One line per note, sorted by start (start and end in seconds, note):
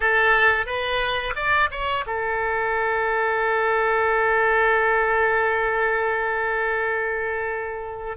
0.00 0.65 A4
0.65 1.34 B4
1.35 1.69 D5
1.70 2.05 C#5
2.06 8.17 A4